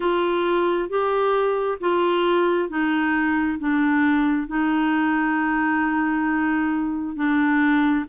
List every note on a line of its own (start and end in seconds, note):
0.00 0.89 F4
0.89 1.78 G4
1.80 2.69 F4
2.69 3.58 D#4
3.59 4.47 D4
4.47 7.15 D#4
7.15 8.05 D4